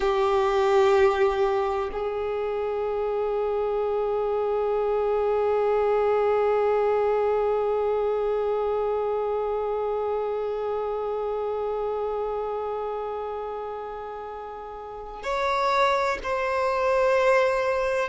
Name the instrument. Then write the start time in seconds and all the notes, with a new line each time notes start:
violin
0.00 G4
1.92 G#4
15.23 C#5
16.23 C5